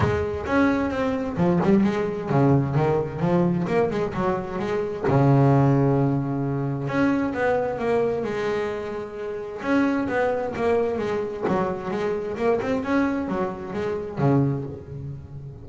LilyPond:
\new Staff \with { instrumentName = "double bass" } { \time 4/4 \tempo 4 = 131 gis4 cis'4 c'4 f8 g8 | gis4 cis4 dis4 f4 | ais8 gis8 fis4 gis4 cis4~ | cis2. cis'4 |
b4 ais4 gis2~ | gis4 cis'4 b4 ais4 | gis4 fis4 gis4 ais8 c'8 | cis'4 fis4 gis4 cis4 | }